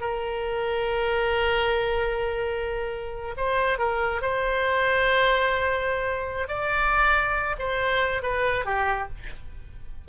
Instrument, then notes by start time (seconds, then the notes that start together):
oboe
0.00 A#4
3.37 C5
3.78 A#4
4.21 C5
6.48 D5
7.59 C5
8.22 B4
8.65 G4